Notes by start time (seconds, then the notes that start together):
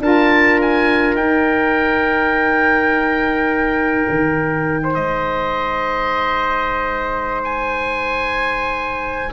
0.00 D4 F4 A#4 A5
0.62 G#5
1.15 D#4 G5
4.10 D#3
4.84 C5
4.95 G#3 D#5
7.44 G#5